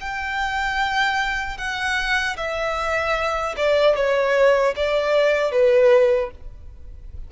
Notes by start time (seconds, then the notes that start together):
0.00 G5
1.57 F#5
2.36 E5
3.57 D5
3.95 C#5
4.76 D5
5.52 B4